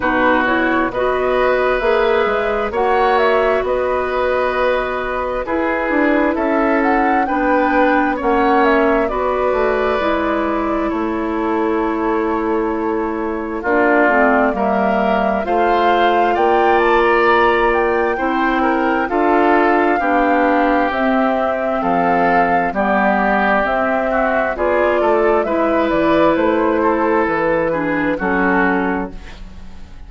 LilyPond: <<
  \new Staff \with { instrumentName = "flute" } { \time 4/4 \tempo 4 = 66 b'8 cis''8 dis''4 e''4 fis''8 e''8 | dis''2 b'4 e''8 fis''8 | g''4 fis''8 e''8 d''2 | cis''2. d''4 |
e''4 f''4 g''8 a''16 ais''8. g''8~ | g''4 f''2 e''4 | f''4 d''4 e''4 d''4 | e''8 d''8 c''4 b'4 a'4 | }
  \new Staff \with { instrumentName = "oboe" } { \time 4/4 fis'4 b'2 cis''4 | b'2 gis'4 a'4 | b'4 cis''4 b'2 | a'2. f'4 |
ais'4 c''4 d''2 | c''8 ais'8 a'4 g'2 | a'4 g'4. fis'8 gis'8 a'8 | b'4. a'4 gis'8 fis'4 | }
  \new Staff \with { instrumentName = "clarinet" } { \time 4/4 dis'8 e'8 fis'4 gis'4 fis'4~ | fis'2 e'2 | d'4 cis'4 fis'4 e'4~ | e'2. d'8 c'8 |
ais4 f'2. | e'4 f'4 d'4 c'4~ | c'4 b4 c'4 f'4 | e'2~ e'8 d'8 cis'4 | }
  \new Staff \with { instrumentName = "bassoon" } { \time 4/4 b,4 b4 ais8 gis8 ais4 | b2 e'8 d'8 cis'4 | b4 ais4 b8 a8 gis4 | a2. ais8 a8 |
g4 a4 ais2 | c'4 d'4 b4 c'4 | f4 g4 c'4 b8 a8 | gis8 e8 a4 e4 fis4 | }
>>